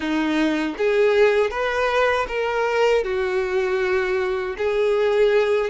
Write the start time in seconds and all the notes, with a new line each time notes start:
0.00 D#4
0.77 G#4
1.50 B4
2.28 A#4
3.04 F#4
4.57 G#4